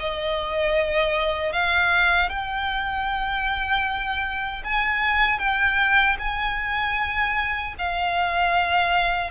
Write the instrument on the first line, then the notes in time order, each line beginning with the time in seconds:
violin
0.00 D#5
1.53 F5
2.30 G5
4.64 G#5
5.39 G5
6.19 G#5
7.79 F5